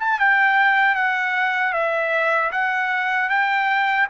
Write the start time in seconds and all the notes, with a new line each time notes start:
0.00 A5
0.19 G5
0.95 F#5
1.73 E5
2.51 F#5
3.29 G5